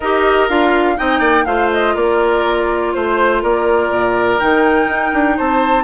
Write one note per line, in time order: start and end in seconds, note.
0.00 0.49 D#4
0.00 0.49 G4
0.00 0.95 A#4
0.00 0.48 D#5
0.48 0.98 D4
0.48 0.97 F4
0.48 0.97 F5
0.97 1.19 C4
0.97 1.45 D#4
0.97 1.19 D#5
0.97 1.45 G5
1.19 1.44 A#3
1.19 1.43 D5
1.45 1.95 A3
1.45 4.38 F4
1.45 1.94 C5
1.45 1.69 F5
1.73 1.95 D#5
1.94 2.93 A#3
1.94 2.92 A#4
1.94 2.93 D5
2.93 3.43 A3
2.93 3.42 C5
3.42 3.89 A#3
3.42 5.36 A#4
3.42 4.39 D5
3.89 4.38 A#2
4.39 4.86 D#3
4.39 5.84 D#4
4.39 5.37 G5
4.86 5.10 D#4
5.13 5.38 D4
5.36 5.84 C4
5.36 5.84 C5
5.36 5.84 A5